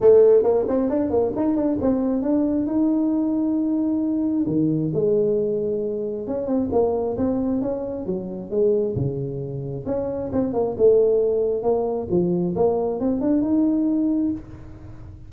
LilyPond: \new Staff \with { instrumentName = "tuba" } { \time 4/4 \tempo 4 = 134 a4 ais8 c'8 d'8 ais8 dis'8 d'8 | c'4 d'4 dis'2~ | dis'2 dis4 gis4~ | gis2 cis'8 c'8 ais4 |
c'4 cis'4 fis4 gis4 | cis2 cis'4 c'8 ais8 | a2 ais4 f4 | ais4 c'8 d'8 dis'2 | }